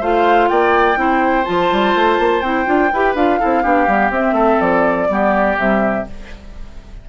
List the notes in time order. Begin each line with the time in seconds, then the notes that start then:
0.00 A3 F4 C5 F5
0.49 A#3 D5 G5
0.95 C4 E4 C5
1.45 F3 F4 A5
1.72 G3
1.95 A3
2.19 A#3
2.41 C4 E4 G5
2.65 D4 F4
2.92 E4 G4 B4
3.15 D4 F4 F5
3.39 C4 E4 A4
3.62 B3 D4 G4
3.87 G3 B3
4.10 C4 E5
4.32 A3 A4
4.60 F3 D5
5.09 G3 B3 G4
5.57 C3 G3 E5